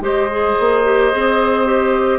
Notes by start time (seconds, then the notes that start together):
0.00 G#3 G4 C5 D#5
0.31 G#4
0.59 A#3
0.84 G4
1.12 C4 G#4
1.65 G4